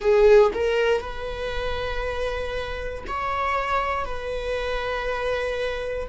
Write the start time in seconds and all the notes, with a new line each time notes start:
0.00 G#4
0.53 A#4
1.00 B4
3.07 C#5
4.04 B4